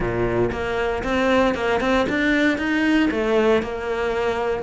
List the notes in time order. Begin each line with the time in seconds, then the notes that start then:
0.00 A#2
0.51 A#3
1.03 C4
1.54 A#3
1.80 C4
2.09 D4
2.57 D#4
3.10 A3
3.62 A#3